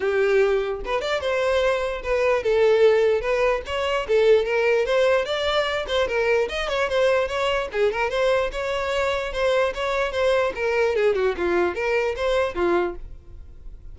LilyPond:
\new Staff \with { instrumentName = "violin" } { \time 4/4 \tempo 4 = 148 g'2 b'8 d''8 c''4~ | c''4 b'4 a'2 | b'4 cis''4 a'4 ais'4 | c''4 d''4. c''8 ais'4 |
dis''8 cis''8 c''4 cis''4 gis'8 ais'8 | c''4 cis''2 c''4 | cis''4 c''4 ais'4 gis'8 fis'8 | f'4 ais'4 c''4 f'4 | }